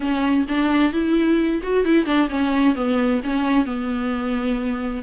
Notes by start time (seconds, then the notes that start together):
0.00 C#4
0.48 D4
0.92 E4
1.62 F#4
1.84 E4
2.05 D4
2.29 C#4
2.75 B3
3.23 C#4
3.65 B3